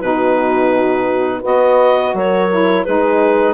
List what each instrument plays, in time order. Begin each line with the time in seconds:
0.00 bassoon B2, saxophone D#4, horn F#4, clarinet B4
1.41 bassoon B3, saxophone F#4, horn B4, clarinet D#5
2.14 bassoon F#3, horn A#4, clarinet C#5
2.51 saxophone E4
2.84 bassoon G#3, saxophone D#4, horn G#4, clarinet B4